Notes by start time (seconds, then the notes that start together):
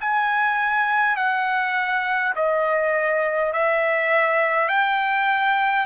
0.00 G#5
1.16 F#5
2.35 D#5
3.53 E5
4.68 G5